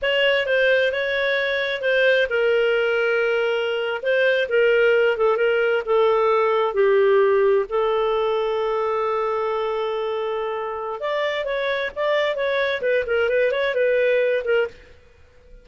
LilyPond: \new Staff \with { instrumentName = "clarinet" } { \time 4/4 \tempo 4 = 131 cis''4 c''4 cis''2 | c''4 ais'2.~ | ais'8. c''4 ais'4. a'8 ais'16~ | ais'8. a'2 g'4~ g'16~ |
g'8. a'2.~ a'16~ | a'1 | d''4 cis''4 d''4 cis''4 | b'8 ais'8 b'8 cis''8 b'4. ais'8 | }